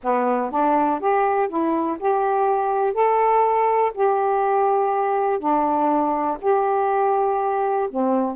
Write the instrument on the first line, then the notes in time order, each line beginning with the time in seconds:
saxophone
0.03 B3
0.50 D4
1.00 G4
1.48 E4
1.99 G4
2.93 A4
3.94 G4
5.39 D4
6.41 G4
7.90 C4